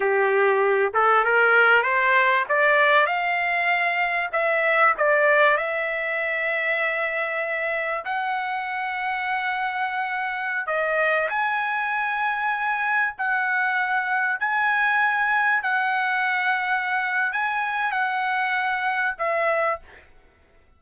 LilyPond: \new Staff \with { instrumentName = "trumpet" } { \time 4/4 \tempo 4 = 97 g'4. a'8 ais'4 c''4 | d''4 f''2 e''4 | d''4 e''2.~ | e''4 fis''2.~ |
fis''4~ fis''16 dis''4 gis''4.~ gis''16~ | gis''4~ gis''16 fis''2 gis''8.~ | gis''4~ gis''16 fis''2~ fis''8. | gis''4 fis''2 e''4 | }